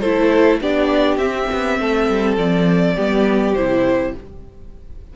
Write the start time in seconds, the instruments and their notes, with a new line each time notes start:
0.00 cello A3, viola E4, violin A4 C5
0.61 cello B3, viola D4, violin G4 D5
1.17 cello C4, viola C4, violin E5
1.52 cello B3
1.79 cello A3, violin A4
2.09 cello G3
2.37 cello F3, violin D5
2.95 cello G3, viola B3, violin G4
3.54 cello C3, viola E4, violin C5